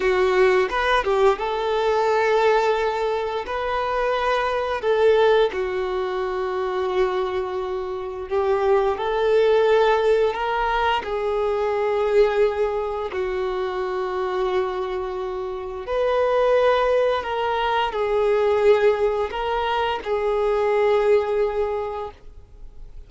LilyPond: \new Staff \with { instrumentName = "violin" } { \time 4/4 \tempo 4 = 87 fis'4 b'8 g'8 a'2~ | a'4 b'2 a'4 | fis'1 | g'4 a'2 ais'4 |
gis'2. fis'4~ | fis'2. b'4~ | b'4 ais'4 gis'2 | ais'4 gis'2. | }